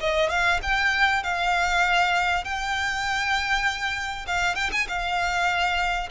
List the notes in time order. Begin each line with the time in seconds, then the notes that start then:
0.00 D#5
0.30 F5
0.63 G5
1.23 F5
2.45 G5
4.27 F5
4.56 G5
4.72 G#5
4.88 F5